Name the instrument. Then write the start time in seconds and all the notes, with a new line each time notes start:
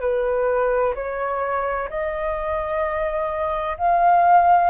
flute
0.00 B4
0.95 C#5
1.89 D#5
3.78 F5